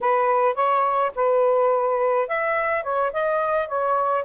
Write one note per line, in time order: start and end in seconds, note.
0.00 0.55 B4
0.55 1.11 C#5
1.15 2.28 B4
2.28 2.83 E5
2.83 3.11 C#5
3.12 3.67 D#5
3.67 4.24 C#5